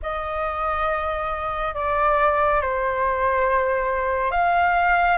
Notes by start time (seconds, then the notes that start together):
0.02 D#5
1.74 D5
2.61 C5
4.31 F5